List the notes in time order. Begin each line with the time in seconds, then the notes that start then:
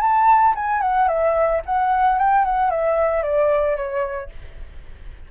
0.00 A5
0.55 G#5
0.81 F#5
1.08 E5
1.65 F#5
2.18 G5
2.44 F#5
2.70 E5
3.22 D5
3.76 C#5